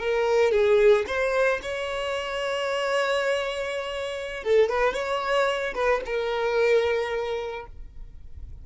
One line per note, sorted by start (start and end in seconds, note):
0.00 0.52 A#4
0.52 1.06 G#4
1.07 1.61 C5
1.63 4.44 C#5
4.44 4.70 A4
4.70 4.94 B4
4.94 5.74 C#5
5.75 6.01 B4
6.06 7.67 A#4